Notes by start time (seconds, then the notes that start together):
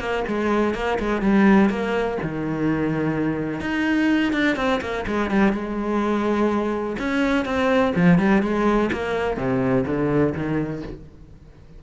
0.00 A#3
0.28 G#3
0.75 A#3
0.99 G#3
1.22 G3
1.70 A#3
2.23 D#3
3.61 D#4
4.33 D4
4.57 C4
4.82 A#3
5.07 G#3
5.31 G3
5.53 G#3
6.99 C#4
7.46 C4
7.96 F3
8.19 G3
8.43 G#3
8.93 A#3
9.37 C3
9.87 D3
10.35 D#3